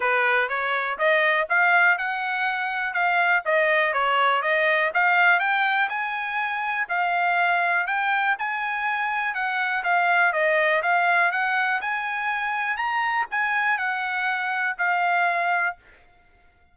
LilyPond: \new Staff \with { instrumentName = "trumpet" } { \time 4/4 \tempo 4 = 122 b'4 cis''4 dis''4 f''4 | fis''2 f''4 dis''4 | cis''4 dis''4 f''4 g''4 | gis''2 f''2 |
g''4 gis''2 fis''4 | f''4 dis''4 f''4 fis''4 | gis''2 ais''4 gis''4 | fis''2 f''2 | }